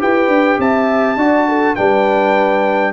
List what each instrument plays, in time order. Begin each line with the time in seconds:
0.00 tuba E4, trombone G4, horn B4, trumpet G5
0.28 tuba D4
0.59 tuba C4, horn E5, trumpet A5
1.17 tuba D4, trombone F#4, horn D5
1.49 horn A4
1.76 tuba G3, trombone D4, horn B4, trumpet G5